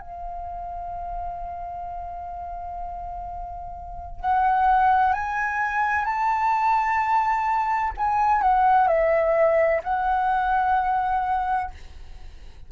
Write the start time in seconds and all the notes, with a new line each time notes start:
0.00 F5
4.20 F#5
5.13 G#5
6.05 A5
7.97 G#5
8.41 F#5
8.87 E5
9.83 F#5